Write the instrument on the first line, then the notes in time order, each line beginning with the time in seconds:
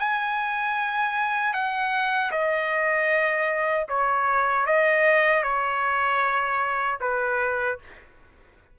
trumpet
0.00 G#5
1.54 F#5
2.32 D#5
3.89 C#5
4.67 D#5
5.44 C#5
7.01 B4